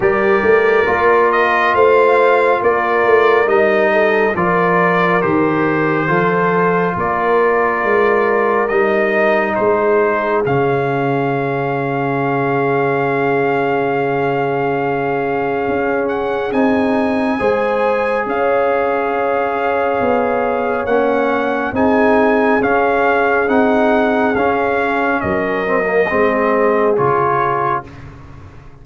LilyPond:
<<
  \new Staff \with { instrumentName = "trumpet" } { \time 4/4 \tempo 4 = 69 d''4. dis''8 f''4 d''4 | dis''4 d''4 c''2 | d''2 dis''4 c''4 | f''1~ |
f''2~ f''8 fis''8 gis''4~ | gis''4 f''2. | fis''4 gis''4 f''4 fis''4 | f''4 dis''2 cis''4 | }
  \new Staff \with { instrumentName = "horn" } { \time 4/4 ais'2 c''4 ais'4~ | ais'8 a'8 ais'2 a'4 | ais'2. gis'4~ | gis'1~ |
gis'1 | c''4 cis''2.~ | cis''4 gis'2.~ | gis'4 ais'4 gis'2 | }
  \new Staff \with { instrumentName = "trombone" } { \time 4/4 g'4 f'2. | dis'4 f'4 g'4 f'4~ | f'2 dis'2 | cis'1~ |
cis'2. dis'4 | gis'1 | cis'4 dis'4 cis'4 dis'4 | cis'4. c'16 ais16 c'4 f'4 | }
  \new Staff \with { instrumentName = "tuba" } { \time 4/4 g8 a8 ais4 a4 ais8 a8 | g4 f4 dis4 f4 | ais4 gis4 g4 gis4 | cis1~ |
cis2 cis'4 c'4 | gis4 cis'2 b4 | ais4 c'4 cis'4 c'4 | cis'4 fis4 gis4 cis4 | }
>>